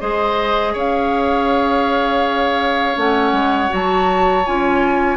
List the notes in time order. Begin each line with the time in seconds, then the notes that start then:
0.00 G#3 G#4 C5 D#5
0.73 C#4 C#5 F5
2.96 A3 C#4 F#5
3.32 G#3
3.69 F#3 F#4 A5
4.46 C#4 F4 G#5